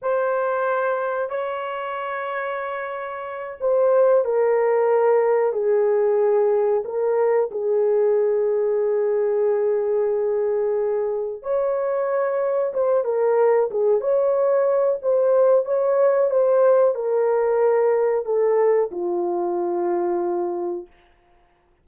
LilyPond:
\new Staff \with { instrumentName = "horn" } { \time 4/4 \tempo 4 = 92 c''2 cis''2~ | cis''4. c''4 ais'4.~ | ais'8 gis'2 ais'4 gis'8~ | gis'1~ |
gis'4. cis''2 c''8 | ais'4 gis'8 cis''4. c''4 | cis''4 c''4 ais'2 | a'4 f'2. | }